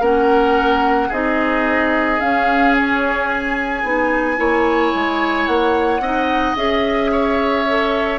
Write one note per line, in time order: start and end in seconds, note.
0.00 1.09 A#3
0.00 1.11 C#4
0.00 1.08 A#4
0.00 1.12 F#5
1.08 2.20 C4
1.08 2.20 D#4
1.08 4.35 G#4
1.08 2.20 D#5
2.20 3.83 C#4
2.20 2.75 F5
2.77 3.29 C#5
3.29 5.46 G#5
3.83 4.38 B3
3.83 4.36 D#4
4.36 4.93 A#3
4.36 6.00 E4
4.36 6.02 C#5
4.94 5.47 G#3
5.46 6.00 A#3
5.46 6.55 F#5
6.00 6.54 C4
6.00 6.56 D#4
6.00 7.11 D#5
6.56 8.19 C#4
6.56 7.65 G#4
6.56 8.19 E5
7.12 8.19 C#5
7.68 8.19 A4